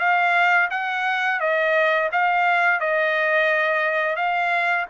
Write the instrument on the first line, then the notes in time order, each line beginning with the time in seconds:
trumpet
0.00 F5
0.71 F#5
1.40 D#5
2.12 F5
2.80 D#5
4.16 F5